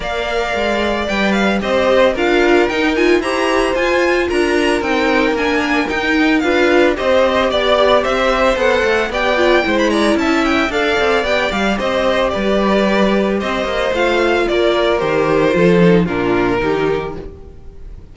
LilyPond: <<
  \new Staff \with { instrumentName = "violin" } { \time 4/4 \tempo 4 = 112 f''2 g''8 f''8 dis''4 | f''4 g''8 gis''8 ais''4 gis''4 | ais''4 g''4 gis''4 g''4 | f''4 dis''4 d''4 e''4 |
fis''4 g''4~ g''16 b''16 ais''8 a''8 g''8 | f''4 g''8 f''8 dis''4 d''4~ | d''4 dis''4 f''4 d''4 | c''2 ais'2 | }
  \new Staff \with { instrumentName = "violin" } { \time 4/4 d''2. c''4 | ais'2 c''2 | ais'1 | b'4 c''4 d''4 c''4~ |
c''4 d''4 c''8 d''8 e''4 | d''2 c''4 b'4~ | b'4 c''2 ais'4~ | ais'4 a'4 f'4 g'4 | }
  \new Staff \with { instrumentName = "viola" } { \time 4/4 ais'2 b'4 g'4 | f'4 dis'8 f'8 g'4 f'4~ | f'4 dis'4 d'4 dis'4 | f'4 g'2. |
a'4 g'8 f'8 e'2 | a'4 g'2.~ | g'2 f'2 | g'4 f'8 dis'8 d'4 dis'4 | }
  \new Staff \with { instrumentName = "cello" } { \time 4/4 ais4 gis4 g4 c'4 | d'4 dis'4 e'4 f'4 | d'4 c'4 ais4 dis'4 | d'4 c'4 b4 c'4 |
b8 a8 b4 gis4 cis'4 | d'8 c'8 b8 g8 c'4 g4~ | g4 c'8 ais8 a4 ais4 | dis4 f4 ais,4 dis4 | }
>>